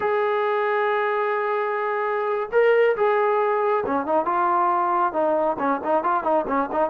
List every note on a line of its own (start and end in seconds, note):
0.00 2.49 G#4
2.52 2.96 A#4
2.96 3.83 G#4
3.86 4.06 C#4
4.06 4.25 D#4
4.25 5.12 F4
5.13 5.56 D#4
5.58 5.80 C#4
5.84 6.03 D#4
6.03 6.23 F4
6.23 6.45 D#4
6.47 6.69 C#4
6.71 6.90 D#4